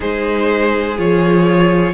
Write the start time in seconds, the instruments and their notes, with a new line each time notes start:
0.00 cello G#3, viola D#4, violin G#4 C5
0.97 cello F3, viola F4, violin C#5